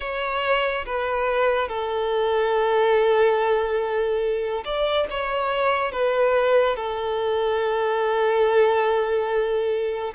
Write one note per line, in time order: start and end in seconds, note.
0.00 0.85 C#5
0.86 1.68 B4
1.68 4.64 A4
4.64 5.07 D5
5.10 5.92 C#5
5.92 6.76 B4
6.76 10.14 A4